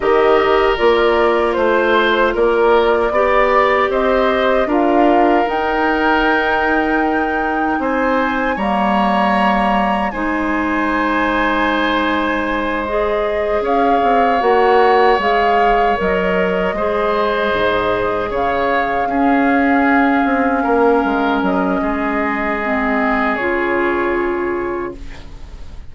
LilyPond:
<<
  \new Staff \with { instrumentName = "flute" } { \time 4/4 \tempo 4 = 77 dis''4 d''4 c''4 d''4~ | d''4 dis''4 f''4 g''4~ | g''2 gis''4 ais''4~ | ais''4 gis''2.~ |
gis''8 dis''4 f''4 fis''4 f''8~ | f''8 dis''2. f''8~ | f''2.~ f''8 dis''8~ | dis''2 cis''2 | }
  \new Staff \with { instrumentName = "oboe" } { \time 4/4 ais'2 c''4 ais'4 | d''4 c''4 ais'2~ | ais'2 c''4 cis''4~ | cis''4 c''2.~ |
c''4. cis''2~ cis''8~ | cis''4. c''2 cis''8~ | cis''8 gis'2 ais'4. | gis'1 | }
  \new Staff \with { instrumentName = "clarinet" } { \time 4/4 g'4 f'2. | g'2 f'4 dis'4~ | dis'2. ais4~ | ais4 dis'2.~ |
dis'8 gis'2 fis'4 gis'8~ | gis'8 ais'4 gis'2~ gis'8~ | gis'8 cis'2.~ cis'8~ | cis'4 c'4 f'2 | }
  \new Staff \with { instrumentName = "bassoon" } { \time 4/4 dis4 ais4 a4 ais4 | b4 c'4 d'4 dis'4~ | dis'2 c'4 g4~ | g4 gis2.~ |
gis4. cis'8 c'8 ais4 gis8~ | gis8 fis4 gis4 gis,4 cis8~ | cis8 cis'4. c'8 ais8 gis8 fis8 | gis2 cis2 | }
>>